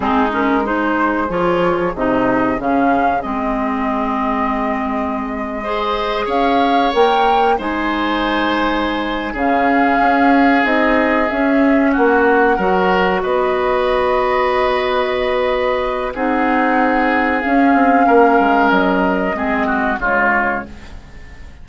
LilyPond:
<<
  \new Staff \with { instrumentName = "flute" } { \time 4/4 \tempo 4 = 93 gis'8 ais'8 c''4 cis''4 dis''4 | f''4 dis''2.~ | dis''4.~ dis''16 f''4 g''4 gis''16~ | gis''2~ gis''8 f''4.~ |
f''8 dis''4 e''4 fis''4.~ | fis''8 dis''2.~ dis''8~ | dis''4 fis''2 f''4~ | f''4 dis''2 cis''4 | }
  \new Staff \with { instrumentName = "oboe" } { \time 4/4 dis'4 gis'2.~ | gis'1~ | gis'8. c''4 cis''2 c''16~ | c''2~ c''8 gis'4.~ |
gis'2~ gis'8 fis'4 ais'8~ | ais'8 b'2.~ b'8~ | b'4 gis'2. | ais'2 gis'8 fis'8 f'4 | }
  \new Staff \with { instrumentName = "clarinet" } { \time 4/4 c'8 cis'8 dis'4 f'4 dis'4 | cis'4 c'2.~ | c'8. gis'2 ais'4 dis'16~ | dis'2~ dis'8 cis'4.~ |
cis'8 dis'4 cis'2 fis'8~ | fis'1~ | fis'4 dis'2 cis'4~ | cis'2 c'4 gis4 | }
  \new Staff \with { instrumentName = "bassoon" } { \time 4/4 gis2 f4 c4 | cis4 gis2.~ | gis4.~ gis16 cis'4 ais4 gis16~ | gis2~ gis8 cis4 cis'8~ |
cis'8 c'4 cis'4 ais4 fis8~ | fis8 b2.~ b8~ | b4 c'2 cis'8 c'8 | ais8 gis8 fis4 gis4 cis4 | }
>>